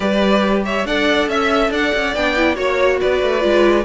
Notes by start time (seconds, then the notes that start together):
0.00 G3 G4 B4 D5
0.65 C#5 E5
0.85 D4 A4 D5 F#5
1.28 C#4 E5
1.70 D4 D5 F#5
1.94 C#4
2.15 B3 D4 G5
2.36 E4
2.55 A#3 F#4 C#5
2.99 B3 B4 D5
3.22 A3
3.40 G#3 F4